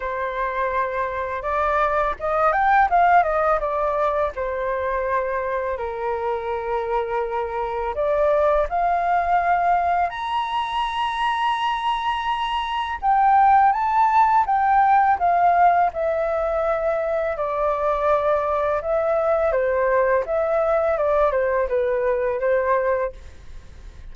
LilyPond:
\new Staff \with { instrumentName = "flute" } { \time 4/4 \tempo 4 = 83 c''2 d''4 dis''8 g''8 | f''8 dis''8 d''4 c''2 | ais'2. d''4 | f''2 ais''2~ |
ais''2 g''4 a''4 | g''4 f''4 e''2 | d''2 e''4 c''4 | e''4 d''8 c''8 b'4 c''4 | }